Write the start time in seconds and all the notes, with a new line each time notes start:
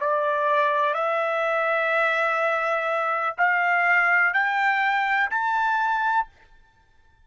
0.00 D5
0.94 E5
3.37 F5
4.33 G5
5.30 A5